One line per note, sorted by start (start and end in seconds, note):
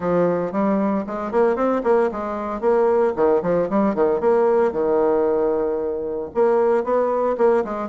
0.00 0.52 F3
0.52 1.04 G3
1.06 1.31 G#3
1.31 1.56 A#3
1.56 1.82 C4
1.83 2.10 A#3
2.11 2.60 G#3
2.60 3.13 A#3
3.16 3.42 D#3
3.42 3.68 F3
3.69 3.94 G3
3.94 4.20 D#3
4.20 4.72 A#3
4.72 6.30 D#3
6.34 6.83 A#3
6.83 7.36 B3
7.37 7.64 A#3
7.64 7.89 G#3